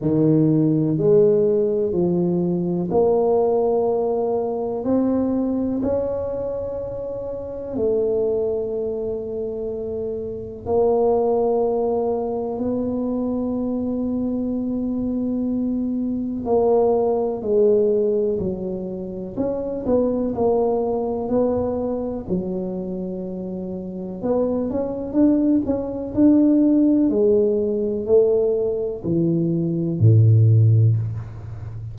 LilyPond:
\new Staff \with { instrumentName = "tuba" } { \time 4/4 \tempo 4 = 62 dis4 gis4 f4 ais4~ | ais4 c'4 cis'2 | a2. ais4~ | ais4 b2.~ |
b4 ais4 gis4 fis4 | cis'8 b8 ais4 b4 fis4~ | fis4 b8 cis'8 d'8 cis'8 d'4 | gis4 a4 e4 a,4 | }